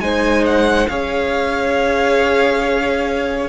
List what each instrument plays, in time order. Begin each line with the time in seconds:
0.00 cello G#3, viola D#4, violin C5 G#5
0.46 violin F#5
0.88 cello C#4, viola G#4, violin C#5 F5